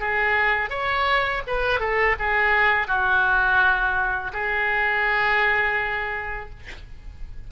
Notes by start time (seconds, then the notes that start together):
0.00 G#4
0.70 C#5
1.47 B4
1.80 A4
2.19 G#4
2.88 F#4
4.33 G#4